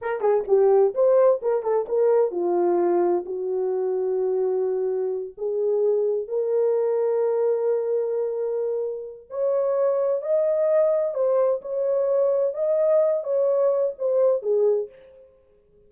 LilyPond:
\new Staff \with { instrumentName = "horn" } { \time 4/4 \tempo 4 = 129 ais'8 gis'8 g'4 c''4 ais'8 a'8 | ais'4 f'2 fis'4~ | fis'2.~ fis'8 gis'8~ | gis'4. ais'2~ ais'8~ |
ais'1 | cis''2 dis''2 | c''4 cis''2 dis''4~ | dis''8 cis''4. c''4 gis'4 | }